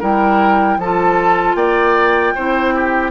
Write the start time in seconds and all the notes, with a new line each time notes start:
0.00 G3 E4 A#4 G5
0.78 F3 F4 A4 A5
1.55 A#3 D5 G5
2.35 C4 E4 C5
2.75 G4